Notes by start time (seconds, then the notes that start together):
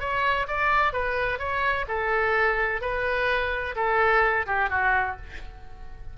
0.00 C#5
0.48 D5
0.93 B4
1.38 C#5
1.88 A4
2.81 B4
3.76 A4
4.46 G4
4.69 F#4